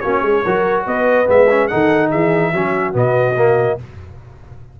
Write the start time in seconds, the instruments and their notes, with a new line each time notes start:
0.00 tuba A#3, trombone C#4, horn F#4, trumpet C#5
0.22 tuba G#3, horn G#4
0.44 tuba F#3, trombone F#4, horn A#4
0.86 tuba B3, horn B4, trumpet D#5
1.25 tuba G#3, trombone B3, trumpet E5
1.50 trombone C#4
1.67 tuba D#3, trombone D#4, horn A4, trumpet F#5
2.10 tuba E3, horn G#4, trumpet E5
2.53 tuba F#3, trombone C#4, horn F#4
2.93 tuba B2, trombone B3, trumpet D#5
3.36 trombone A#3